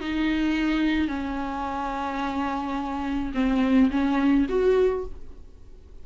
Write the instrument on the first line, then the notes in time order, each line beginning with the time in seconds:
viola
0.00 D#4
1.08 C#4
3.34 C4
3.90 C#4
4.49 F#4